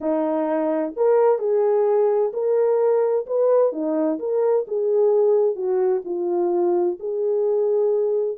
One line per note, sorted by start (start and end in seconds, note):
0.00 0.93 D#4
0.96 1.38 A#4
1.38 2.32 G#4
2.33 3.26 A#4
3.26 3.72 B4
3.72 4.19 D#4
4.19 4.66 A#4
4.67 5.55 G#4
5.55 6.02 F#4
6.05 6.98 F4
6.99 8.38 G#4